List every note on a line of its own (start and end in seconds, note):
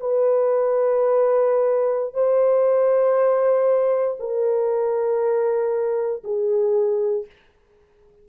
0.00 2.14 B4
2.14 4.17 C5
4.20 6.23 A#4
6.24 7.26 G#4